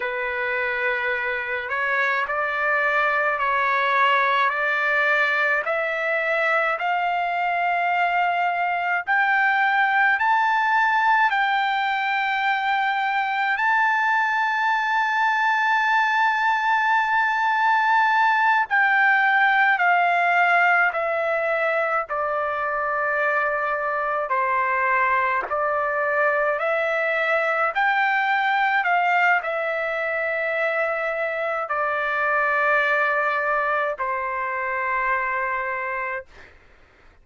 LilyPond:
\new Staff \with { instrumentName = "trumpet" } { \time 4/4 \tempo 4 = 53 b'4. cis''8 d''4 cis''4 | d''4 e''4 f''2 | g''4 a''4 g''2 | a''1~ |
a''8 g''4 f''4 e''4 d''8~ | d''4. c''4 d''4 e''8~ | e''8 g''4 f''8 e''2 | d''2 c''2 | }